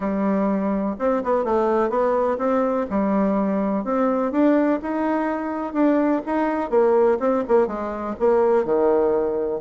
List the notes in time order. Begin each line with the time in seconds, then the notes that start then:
0.00 G3
0.98 C4
1.23 B3
1.44 A3
1.89 B3
2.38 C4
2.90 G3
3.84 C4
4.31 D4
4.82 D#4
5.73 D4
6.26 D#4
6.70 A#3
7.19 C4
7.47 A#3
7.67 G#3
8.19 A#3
8.64 D#3